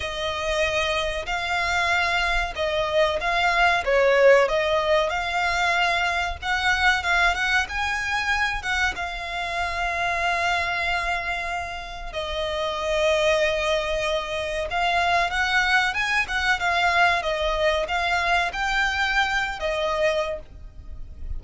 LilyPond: \new Staff \with { instrumentName = "violin" } { \time 4/4 \tempo 4 = 94 dis''2 f''2 | dis''4 f''4 cis''4 dis''4 | f''2 fis''4 f''8 fis''8 | gis''4. fis''8 f''2~ |
f''2. dis''4~ | dis''2. f''4 | fis''4 gis''8 fis''8 f''4 dis''4 | f''4 g''4.~ g''16 dis''4~ dis''16 | }